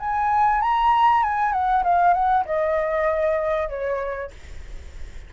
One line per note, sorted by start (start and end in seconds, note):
0.00 0.62 G#5
0.62 1.23 A#5
1.23 1.53 G#5
1.53 1.84 F#5
1.84 2.14 F5
2.14 2.45 F#5
2.46 3.69 D#5
3.69 4.31 C#5